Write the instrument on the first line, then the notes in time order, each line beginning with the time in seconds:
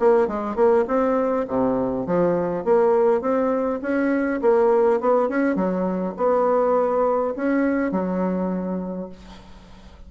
bassoon
0.00 A#3
0.28 G#3
0.56 A#3
0.88 C4
1.48 C3
2.06 F3
2.65 A#3
3.21 C4
3.82 C#4
4.42 A#3
5.01 B3
5.29 C#4
5.56 F#3
6.17 B3
7.36 C#4
7.92 F#3